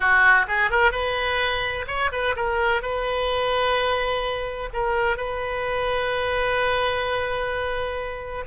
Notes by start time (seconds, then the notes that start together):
0.00 F#4
0.47 G#4
0.70 A#4
0.91 B4
1.87 C#5
2.12 B4
2.35 A#4
2.82 B4
4.73 A#4
5.16 B4